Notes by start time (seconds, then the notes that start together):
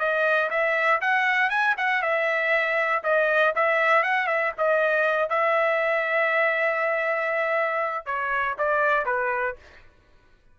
0.00 D#5
0.51 E5
1.01 F#5
1.50 G#5
1.78 F#5
2.03 E5
3.04 D#5
3.56 E5
4.03 F#5
4.27 E5
4.58 D#5
5.30 E5
8.06 C#5
8.59 D5
9.06 B4